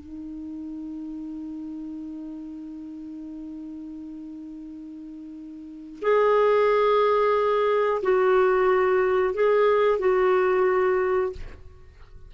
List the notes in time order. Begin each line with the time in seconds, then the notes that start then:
0.00 D#4
6.02 G#4
8.03 F#4
9.34 G#4
9.99 F#4